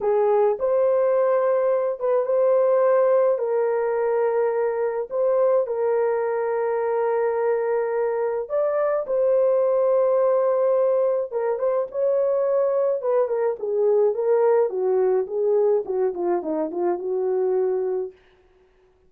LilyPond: \new Staff \with { instrumentName = "horn" } { \time 4/4 \tempo 4 = 106 gis'4 c''2~ c''8 b'8 | c''2 ais'2~ | ais'4 c''4 ais'2~ | ais'2. d''4 |
c''1 | ais'8 c''8 cis''2 b'8 ais'8 | gis'4 ais'4 fis'4 gis'4 | fis'8 f'8 dis'8 f'8 fis'2 | }